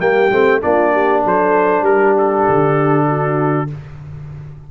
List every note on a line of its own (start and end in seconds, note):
0.00 0.31 G3
0.00 0.31 A#3
0.00 0.62 G4
0.00 0.61 G5
0.31 0.62 A3
0.31 0.61 C4
0.61 1.25 A#3
0.61 3.67 D4
0.61 0.92 F4
0.61 1.24 D5
0.92 1.23 G4
1.24 1.82 F#3
1.24 1.84 A4
1.24 1.85 C5
1.82 2.43 G3
1.82 3.06 G4
1.82 2.15 A#4
2.18 3.71 A4
2.48 3.71 D3
3.07 3.69 F#4